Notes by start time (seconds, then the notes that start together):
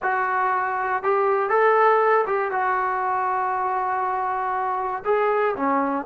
0.02 F#4
1.03 G4
1.49 A4
2.26 G4
2.51 F#4
5.04 G#4
5.56 C#4